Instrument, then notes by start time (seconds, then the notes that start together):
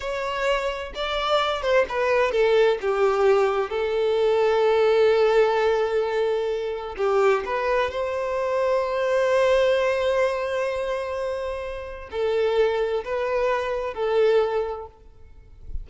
violin
0.00 C#5
0.95 D5
1.62 C5
1.88 B4
2.31 A4
2.81 G4
3.70 A4
6.97 G4
7.45 B4
7.91 C5
12.11 A4
13.04 B4
13.93 A4